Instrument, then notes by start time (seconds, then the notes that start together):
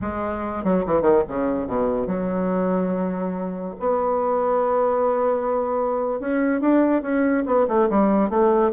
bassoon
0.01 G#3
0.64 F#3
0.86 E3
1.01 D#3
1.27 C#3
1.67 B2
2.07 F#3
3.79 B3
6.20 C#4
6.61 D4
7.02 C#4
7.46 B3
7.68 A3
7.89 G3
8.29 A3